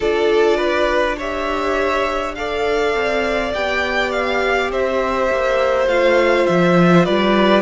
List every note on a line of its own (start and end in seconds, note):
0.00 2.94 D4
0.00 1.18 F4
0.00 0.57 A4
0.00 1.18 D5
0.57 1.15 B4
1.17 2.36 G4
1.17 2.34 C#5
1.17 2.35 E5
2.35 3.54 A4
2.35 4.71 D5
2.35 3.52 F5
2.94 3.53 C4
3.54 4.70 B3
3.54 5.88 G4
3.54 4.11 G5
4.11 4.70 F5
4.70 5.29 C4
4.70 7.05 C5
4.70 5.88 E5
5.30 5.87 A#3
5.87 6.45 A3
5.87 7.62 F4
5.87 6.46 F5
6.46 7.07 F3
6.46 7.05 E5
7.05 7.62 G3
7.05 7.62 B4
7.05 7.62 D5